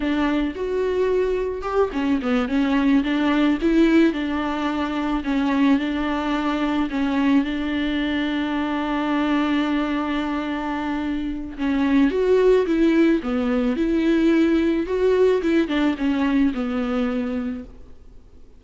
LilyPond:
\new Staff \with { instrumentName = "viola" } { \time 4/4 \tempo 4 = 109 d'4 fis'2 g'8 cis'8 | b8 cis'4 d'4 e'4 d'8~ | d'4. cis'4 d'4.~ | d'8 cis'4 d'2~ d'8~ |
d'1~ | d'4 cis'4 fis'4 e'4 | b4 e'2 fis'4 | e'8 d'8 cis'4 b2 | }